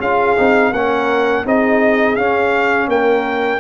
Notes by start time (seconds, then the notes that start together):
0.00 C#4 F4 G#4 F5
0.37 C4 D#4
0.71 A#3 C#4 A#4 F#5
1.45 C4 D#4 G#4 D#5
2.16 C#4 F5
2.88 A#3 A#4 G5